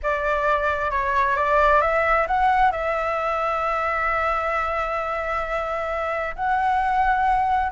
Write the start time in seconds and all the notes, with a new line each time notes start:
0.02 D5
0.90 C#5
1.36 D5
1.81 E5
2.27 F#5
2.71 E5
6.35 F#5